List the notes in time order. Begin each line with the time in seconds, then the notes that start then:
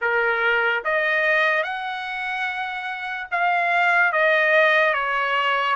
0.01 A#4
0.84 D#5
1.63 F#5
3.31 F5
4.12 D#5
4.93 C#5